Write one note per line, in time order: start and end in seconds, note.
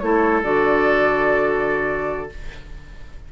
0.00 0.43 A3
0.00 0.44 E4
0.00 2.33 A4
0.00 0.41 C#5
0.43 2.30 D3
0.43 2.30 F#4
0.43 2.30 D5